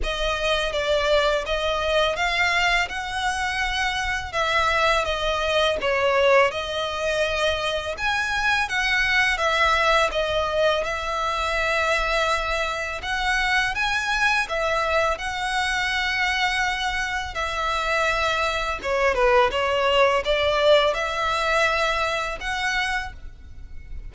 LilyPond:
\new Staff \with { instrumentName = "violin" } { \time 4/4 \tempo 4 = 83 dis''4 d''4 dis''4 f''4 | fis''2 e''4 dis''4 | cis''4 dis''2 gis''4 | fis''4 e''4 dis''4 e''4~ |
e''2 fis''4 gis''4 | e''4 fis''2. | e''2 cis''8 b'8 cis''4 | d''4 e''2 fis''4 | }